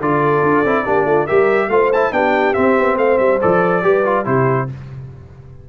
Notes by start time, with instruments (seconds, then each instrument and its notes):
0.00 tuba D3, trombone F4, horn A4, trumpet D5
0.42 tuba D4
0.63 tuba C4, trombone E4
0.84 tuba A#3, trombone D4, horn G4
1.04 tuba A3, horn F4
1.25 tuba G3, trombone G4, horn A#4, trumpet E5
1.68 tuba A3, trombone F4, horn C5, trumpet F5
1.92 trombone E4, trumpet A5
2.11 tuba B3, trombone D4, horn G4, trumpet G5
2.53 trombone C4, tuba C4, trumpet E5
2.79 tuba B3
2.96 tuba A3, horn C5, trumpet F5
3.18 tuba G3, trumpet E5
3.41 tuba F3, trombone A4, trumpet D5
3.82 tuba G3, trombone G4, horn B4
4.04 trombone F4
4.24 tuba C3, trombone E4, horn G4, trumpet C5